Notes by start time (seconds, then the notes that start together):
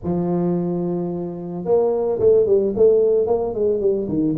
0.03 F3
1.64 A#3
2.19 A3
2.45 G3
2.76 A3
3.26 A#3
3.54 G#3
3.80 G3
4.08 D#3